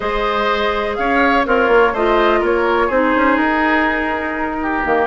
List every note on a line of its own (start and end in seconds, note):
0.00 0.97 G#3
0.00 1.43 G#4
0.00 0.96 C5
0.00 0.95 D#5
0.95 1.46 C#4
0.95 1.47 C#5
0.95 1.44 F5
1.45 1.68 C4
1.45 1.93 F4
1.45 1.93 A#4
1.45 1.95 C#5
1.68 1.92 A#3
1.93 2.41 A3
1.93 2.91 F4
1.93 2.39 C5
1.93 2.43 D#5
2.39 2.89 A#3
2.39 2.86 A#4
2.39 2.91 C#5
2.86 3.14 C4
2.86 4.84 D#4
2.86 4.56 G#4
2.86 3.37 C5
3.15 3.37 C#4
3.37 4.82 D#4
3.37 5.06 A#4
4.61 5.06 G4
4.84 5.06 D#3
4.84 5.06 A#3